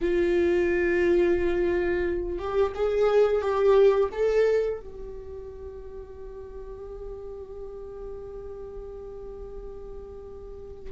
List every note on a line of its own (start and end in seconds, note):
0.01 2.38 F4
2.38 2.72 G4
2.74 3.41 G#4
3.41 4.09 G4
4.12 4.80 A4
4.80 10.92 G4